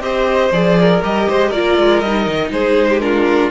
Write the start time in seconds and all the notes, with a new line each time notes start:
0.00 C4 G4 C5 D#5
0.52 F3 G#4 D5
0.81 A#4
1.03 G3 G4 D#5
1.29 G#3 C5
1.49 A#3 F4 A#4 D5
1.78 G#3
2.00 G3 D#5
2.06 D#4
2.27 D#3
2.50 G#3 G#4 C5
2.90 G4
3.00 D4 F4 A#4